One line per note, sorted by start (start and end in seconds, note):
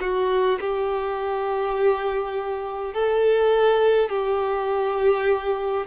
0.00 0.59 F#4
0.60 2.94 G4
2.94 4.10 A4
4.10 5.86 G4